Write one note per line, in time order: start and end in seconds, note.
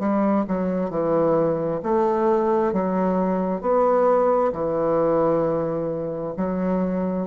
0.00 0.45 G3
0.48 0.90 F#3
0.90 1.81 E3
1.83 2.73 A3
2.73 3.61 F#3
3.61 4.52 B3
4.52 6.34 E3
6.37 7.27 F#3